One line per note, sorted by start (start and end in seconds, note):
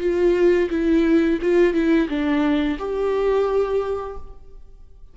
0.00 0.69 F4
0.70 1.39 E4
1.41 1.74 F4
1.74 2.08 E4
2.09 2.78 D4
2.79 4.17 G4